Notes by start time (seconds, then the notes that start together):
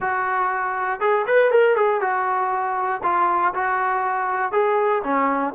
0.00 F#4
1.00 G#4
1.27 B4
1.51 A#4
1.76 G#4
2.00 F#4
3.03 F4
3.54 F#4
4.51 G#4
5.03 C#4